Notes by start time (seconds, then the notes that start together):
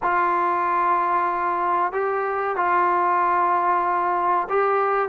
0.02 F4
1.92 G4
2.56 F4
4.49 G4